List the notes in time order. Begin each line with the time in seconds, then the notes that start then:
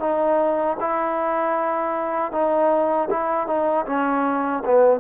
0.00 D#4
0.81 E4
2.32 D#4
3.10 E4
3.47 D#4
3.86 C#4
4.65 B3